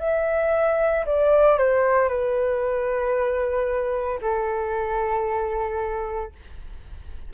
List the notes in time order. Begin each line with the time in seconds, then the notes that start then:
0.00 E5
1.06 D5
1.58 C5
2.09 B4
4.22 A4